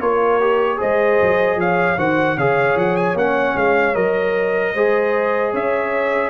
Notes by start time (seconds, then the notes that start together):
0.00 A#3 F4 A#4 C#5
0.41 G4
0.77 G#3 G#4 C5 D#5
1.22 F#3
1.56 F3 C#5 F5
1.98 D#3 F#4 C5 F#5
2.37 C#3 G#4 C#5 F5
2.76 F3 F#5
2.97 G#5
3.15 A#3 C#4 F#5
3.56 G#3 F5
3.94 F#3 A#4 D#5
4.74 G#3 G#4 C5
5.53 C#4 C#5 E5